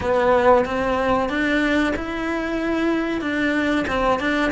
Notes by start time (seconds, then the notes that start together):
0.01 B3
0.65 C4
1.29 D4
1.96 E4
3.21 D4
3.87 C4
4.19 D4